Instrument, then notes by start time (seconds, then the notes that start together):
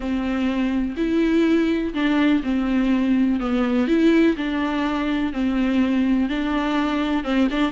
viola
0.00 C4
0.96 E4
1.94 D4
2.43 C4
3.39 B3
3.87 E4
4.37 D4
5.32 C4
6.29 D4
7.24 C4
7.50 D4